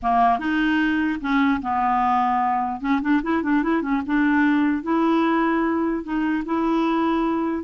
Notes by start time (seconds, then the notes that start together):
0.02 A#3
0.39 D#4
1.20 C#4
1.61 B3
2.80 C#4
3.01 D4
3.23 E4
3.42 D4
3.62 E4
3.82 C#4
4.06 D4
4.82 E4
6.03 D#4
6.45 E4